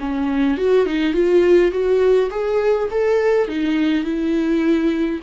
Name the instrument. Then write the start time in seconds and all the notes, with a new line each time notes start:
viola
0.00 C#4
0.58 F#4
0.86 D#4
1.14 F4
1.72 F#4
2.30 G#4
2.91 A4
3.48 D#4
4.04 E4